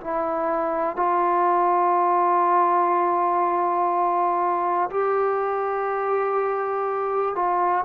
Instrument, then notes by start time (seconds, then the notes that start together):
trombone
0.00 E4
0.96 F4
4.90 G4
7.35 F4